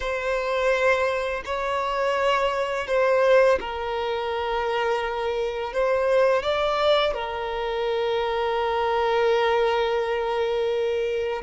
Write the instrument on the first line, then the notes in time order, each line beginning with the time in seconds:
violin
0.00 C5
1.45 C#5
2.87 C5
3.60 A#4
5.73 C5
6.43 D5
7.14 A#4